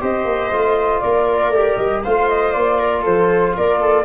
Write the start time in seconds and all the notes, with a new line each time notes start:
0.00 C4 G4 C5 D#5
0.24 A#3
0.51 A3 F4
1.00 A#3 A#4 D5
1.49 A3 G4
1.76 G3 D#5
2.03 A3 F4 C5 F5
2.28 D#5
2.51 A#3 D5
2.79 A#4
3.02 F3 A4 C5
3.56 A#3 A#4 D5
3.80 A4